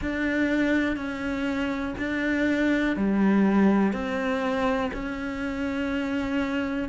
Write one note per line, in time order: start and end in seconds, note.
0.00 0.96 D4
0.96 1.94 C#4
1.98 2.96 D4
2.96 3.92 G3
3.92 4.90 C4
4.93 6.89 C#4